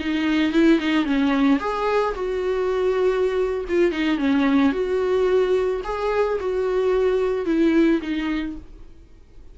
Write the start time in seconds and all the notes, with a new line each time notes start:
0.00 D#4
0.53 E4
0.80 D#4
1.05 C#4
1.60 G#4
2.15 F#4
3.69 F4
3.92 D#4
4.18 C#4
4.73 F#4
5.84 G#4
6.40 F#4
7.46 E4
8.02 D#4